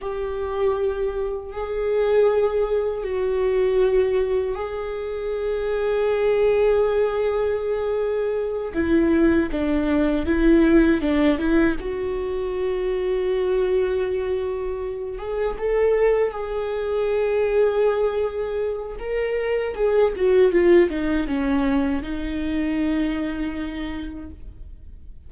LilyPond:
\new Staff \with { instrumentName = "viola" } { \time 4/4 \tempo 4 = 79 g'2 gis'2 | fis'2 gis'2~ | gis'2.~ gis'8 e'8~ | e'8 d'4 e'4 d'8 e'8 fis'8~ |
fis'1 | gis'8 a'4 gis'2~ gis'8~ | gis'4 ais'4 gis'8 fis'8 f'8 dis'8 | cis'4 dis'2. | }